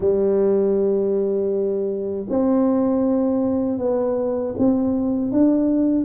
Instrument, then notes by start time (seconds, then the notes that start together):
tuba
0.00 G3
2.29 C4
3.78 B3
4.57 C4
5.31 D4